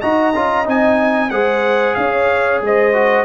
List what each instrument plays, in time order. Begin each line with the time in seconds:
0.00 tuba D#4, trombone F#4, horn D#5, trumpet A#5
0.35 tuba C#4, trombone F4
0.65 tuba C4, trombone D#4, trumpet G#5
1.30 tuba G#3, trombone G#4, horn C5, trumpet F#5
1.95 tuba C#4, horn C#5, trumpet F5
2.62 tuba G#3, horn C5, trumpet D#5
2.94 trombone F#4